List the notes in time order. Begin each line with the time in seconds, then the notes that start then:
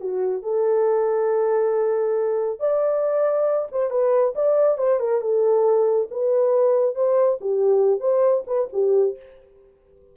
0.00 F#4
0.42 A4
2.59 D5
3.71 C5
3.90 B4
4.35 D5
4.78 C5
4.99 A#4
5.21 A4
6.10 B4
6.95 C5
7.41 G4
8.00 C5
8.46 B4
8.73 G4